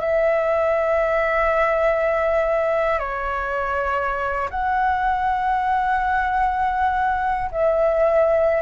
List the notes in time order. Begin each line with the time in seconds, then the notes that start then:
0.00 E5
2.99 C#5
4.50 F#5
7.51 E5